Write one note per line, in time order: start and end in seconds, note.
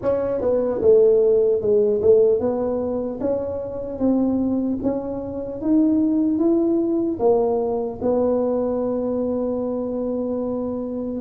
0.02 0.41 C#4
0.41 0.81 B3
0.81 1.61 A3
1.61 2.01 G#3
2.01 2.39 A3
2.39 3.19 B3
3.20 3.99 C#4
3.99 4.79 C4
4.82 5.61 C#4
5.61 6.38 D#4
6.38 7.18 E4
7.19 7.99 A#3
8.01 11.20 B3